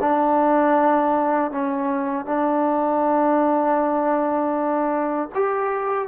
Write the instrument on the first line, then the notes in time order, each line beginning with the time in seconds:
trombone
0.00 D4
1.51 C#4
2.25 D4
5.35 G4